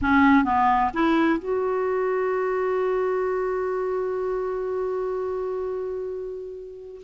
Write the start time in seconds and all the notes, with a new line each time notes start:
0.01 C#4
0.44 B3
0.93 E4
1.39 F#4